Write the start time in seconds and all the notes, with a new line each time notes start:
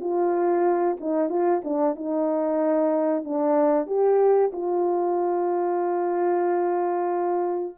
0.00 F4
1.00 D#4
1.29 F4
1.64 D4
1.95 D#4
3.24 D4
3.86 G4
4.52 F4